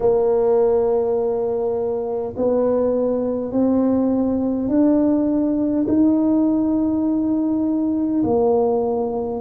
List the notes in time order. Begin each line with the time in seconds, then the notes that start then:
0.00 A#3
2.36 B3
3.51 C4
4.68 D4
5.88 D#4
8.24 A#3